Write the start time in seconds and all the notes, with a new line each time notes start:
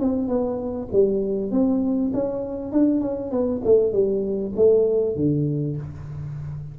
0.00 C4
0.28 B3
0.93 G3
1.52 C4
2.14 C#4
2.72 D4
3.01 C#4
3.31 B3
3.65 A3
3.93 G3
4.56 A3
5.16 D3